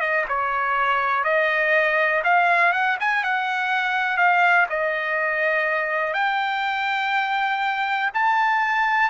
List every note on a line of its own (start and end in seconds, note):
0.00 0.25 D#5
0.28 1.24 C#5
1.24 2.23 D#5
2.24 2.73 F5
2.73 2.97 F#5
3.00 3.24 G#5
3.24 4.17 F#5
4.17 4.66 F5
4.69 6.13 D#5
6.13 8.10 G5
8.14 9.09 A5